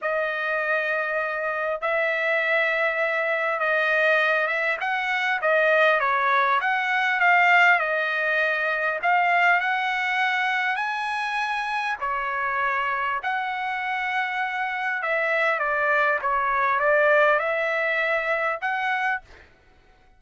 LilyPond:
\new Staff \with { instrumentName = "trumpet" } { \time 4/4 \tempo 4 = 100 dis''2. e''4~ | e''2 dis''4. e''8 | fis''4 dis''4 cis''4 fis''4 | f''4 dis''2 f''4 |
fis''2 gis''2 | cis''2 fis''2~ | fis''4 e''4 d''4 cis''4 | d''4 e''2 fis''4 | }